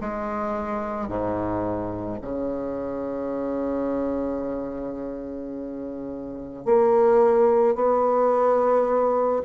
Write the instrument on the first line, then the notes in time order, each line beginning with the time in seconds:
bassoon
0.00 G#3
1.08 G#2
2.21 C#3
6.65 A#3
7.75 B3